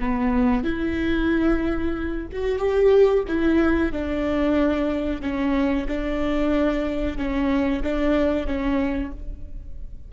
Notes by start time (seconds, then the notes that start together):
0.00 B3
0.64 E4
2.33 F#4
2.59 G4
3.28 E4
3.93 D4
5.22 C#4
5.88 D4
7.18 C#4
7.83 D4
8.47 C#4